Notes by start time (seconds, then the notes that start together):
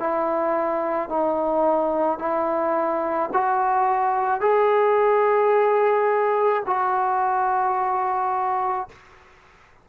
0.00 E4
1.10 D#4
2.19 E4
3.33 F#4
4.41 G#4
6.67 F#4